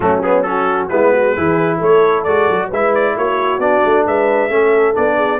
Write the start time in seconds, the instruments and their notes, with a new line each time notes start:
0.00 tuba F#3, trombone A3, horn C#4, trumpet F#4
0.22 trombone B3, trumpet G#4
0.42 trombone C#4, horn F#4, trumpet A4
0.89 tuba G#3, trombone B3, horn E4, trumpet B4
1.12 horn F#4
1.35 tuba E3, trombone E4, horn G#4
1.77 tuba A3, horn A4, trumpet C#5
2.23 tuba G#3, trombone F#4, trumpet D5
2.50 tuba F#3
2.68 tuba G#3, trombone E4, horn B4, trumpet E5
2.94 trumpet D5
3.16 tuba A#3, horn F#4, trumpet C#5
3.58 tuba B3, trombone D4, trumpet D5
3.84 tuba A3
4.06 tuba G#3, horn B4, trumpet E5
4.49 tuba A3, trombone C#4, horn A4
4.94 tuba B3, trombone D4, trumpet D5
5.16 horn G#4